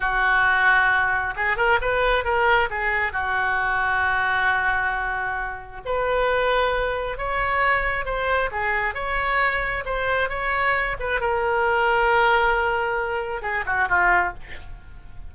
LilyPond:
\new Staff \with { instrumentName = "oboe" } { \time 4/4 \tempo 4 = 134 fis'2. gis'8 ais'8 | b'4 ais'4 gis'4 fis'4~ | fis'1~ | fis'4 b'2. |
cis''2 c''4 gis'4 | cis''2 c''4 cis''4~ | cis''8 b'8 ais'2.~ | ais'2 gis'8 fis'8 f'4 | }